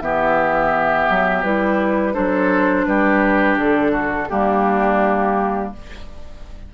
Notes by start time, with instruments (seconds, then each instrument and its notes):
0.00 bassoon E3, clarinet B3, oboe G4, flute E5
1.10 bassoon F#3
1.43 bassoon G3, clarinet E4, flute B4
2.13 bassoon F#3, clarinet D4, oboe A4, flute C5
2.85 bassoon G3, oboe G4, flute B4
3.57 bassoon D3, flute A4
3.92 oboe F#4
4.29 bassoon G3, clarinet A#3, oboe D4, flute G4